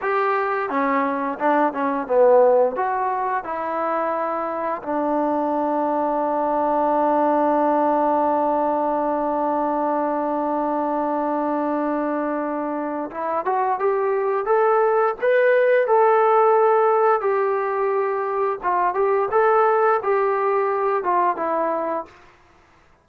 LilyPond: \new Staff \with { instrumentName = "trombone" } { \time 4/4 \tempo 4 = 87 g'4 cis'4 d'8 cis'8 b4 | fis'4 e'2 d'4~ | d'1~ | d'1~ |
d'2. e'8 fis'8 | g'4 a'4 b'4 a'4~ | a'4 g'2 f'8 g'8 | a'4 g'4. f'8 e'4 | }